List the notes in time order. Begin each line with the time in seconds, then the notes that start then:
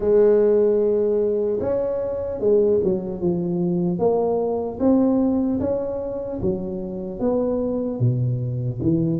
0.00 G#3
1.60 C#4
2.40 G#3
2.83 F#3
3.20 F3
3.99 A#3
4.79 C4
5.60 C#4
6.41 F#3
7.19 B3
7.99 B2
8.81 E3